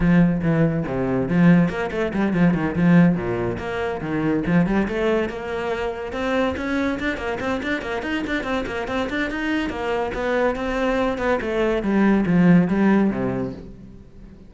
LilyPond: \new Staff \with { instrumentName = "cello" } { \time 4/4 \tempo 4 = 142 f4 e4 c4 f4 | ais8 a8 g8 f8 dis8 f4 ais,8~ | ais,8 ais4 dis4 f8 g8 a8~ | a8 ais2 c'4 cis'8~ |
cis'8 d'8 ais8 c'8 d'8 ais8 dis'8 d'8 | c'8 ais8 c'8 d'8 dis'4 ais4 | b4 c'4. b8 a4 | g4 f4 g4 c4 | }